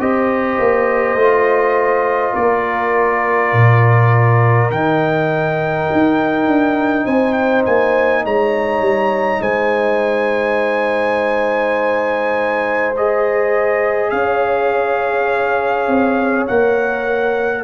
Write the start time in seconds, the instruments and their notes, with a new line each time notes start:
0.00 tuba C4, trombone G4, horn C5, trumpet D#5
0.59 tuba A#3
1.15 tuba A3, trombone F4
2.34 tuba A#3, horn A#4, trumpet D5
3.53 tuba A#2
4.71 tuba D#3, trombone D#4, trumpet G5
5.93 tuba D#4
6.47 tuba D4
7.05 tuba C4, horn C5, trumpet G#5
7.33 trumpet G5
7.66 tuba A#3, trumpet G#5
8.25 tuba G#3, horn C#5, trumpet A#5
8.81 tuba G3
9.41 tuba G#3, horn C5, trumpet G#5
12.97 trombone G#4, trumpet D#5
14.11 tuba C#4, horn C#5, trumpet F5
15.88 tuba C4
16.47 tuba A#3, trombone A#4, trumpet F#5